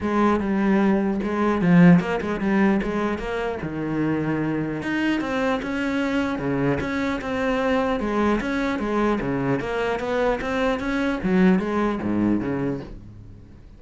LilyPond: \new Staff \with { instrumentName = "cello" } { \time 4/4 \tempo 4 = 150 gis4 g2 gis4 | f4 ais8 gis8 g4 gis4 | ais4 dis2. | dis'4 c'4 cis'2 |
cis4 cis'4 c'2 | gis4 cis'4 gis4 cis4 | ais4 b4 c'4 cis'4 | fis4 gis4 gis,4 cis4 | }